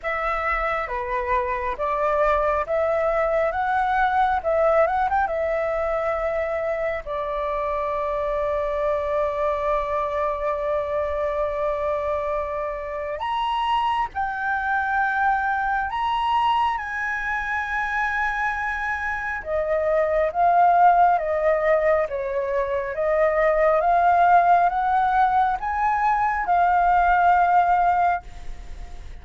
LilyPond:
\new Staff \with { instrumentName = "flute" } { \time 4/4 \tempo 4 = 68 e''4 b'4 d''4 e''4 | fis''4 e''8 fis''16 g''16 e''2 | d''1~ | d''2. ais''4 |
g''2 ais''4 gis''4~ | gis''2 dis''4 f''4 | dis''4 cis''4 dis''4 f''4 | fis''4 gis''4 f''2 | }